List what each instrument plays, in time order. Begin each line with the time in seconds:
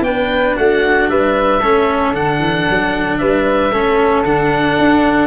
0.00 tuba B3, cello D4, flute B4, oboe G5
0.57 tuba A3, flute F#4, oboe F#5
1.09 tuba G3, flute B4, oboe E5
1.60 tuba A3, cello C#4, flute A4
2.13 tuba D3, cello D4, oboe F#5
2.39 tuba E3
2.69 tuba F#3
3.18 tuba G3, flute B4, oboe E5
3.72 tuba A3, cello C#4, flute A4
4.24 tuba D3, cello D4, oboe F#5
4.78 tuba D4